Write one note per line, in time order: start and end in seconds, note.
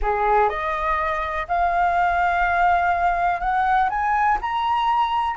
0.02 0.49 G#4
0.49 1.46 D#5
1.48 3.40 F5
3.40 3.89 F#5
3.89 4.38 G#5
4.41 5.36 A#5